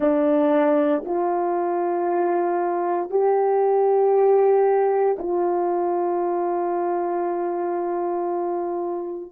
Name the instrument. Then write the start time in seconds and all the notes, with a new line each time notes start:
horn
0.00 D4
1.05 F4
3.10 G4
5.18 F4